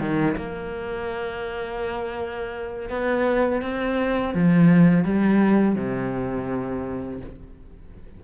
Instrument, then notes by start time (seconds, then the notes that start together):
cello
0.00 D#3
0.37 A#3
2.90 B3
3.62 C4
4.35 F3
5.04 G3
5.76 C3